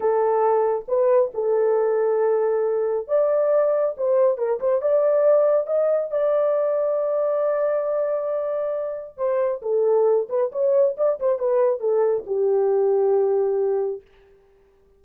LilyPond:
\new Staff \with { instrumentName = "horn" } { \time 4/4 \tempo 4 = 137 a'2 b'4 a'4~ | a'2. d''4~ | d''4 c''4 ais'8 c''8 d''4~ | d''4 dis''4 d''2~ |
d''1~ | d''4 c''4 a'4. b'8 | cis''4 d''8 c''8 b'4 a'4 | g'1 | }